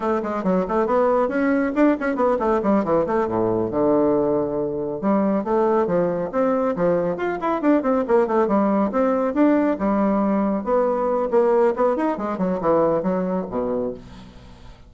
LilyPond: \new Staff \with { instrumentName = "bassoon" } { \time 4/4 \tempo 4 = 138 a8 gis8 fis8 a8 b4 cis'4 | d'8 cis'8 b8 a8 g8 e8 a8 a,8~ | a,8 d2. g8~ | g8 a4 f4 c'4 f8~ |
f8 f'8 e'8 d'8 c'8 ais8 a8 g8~ | g8 c'4 d'4 g4.~ | g8 b4. ais4 b8 dis'8 | gis8 fis8 e4 fis4 b,4 | }